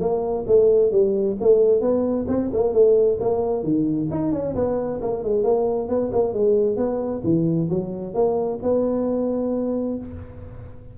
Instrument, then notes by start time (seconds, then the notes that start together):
tuba
0.00 A#3
0.47 A3
0.91 G3
1.40 A3
1.81 B3
2.28 C4
2.53 A#3
2.73 A3
3.20 A#3
3.63 D#3
4.11 D#4
4.32 C#4
4.55 B3
5.01 A#3
5.23 G#3
5.44 A#3
5.89 B3
6.12 A#3
6.33 G#3
6.77 B3
7.24 E3
7.70 F#3
8.14 A#3
8.62 B3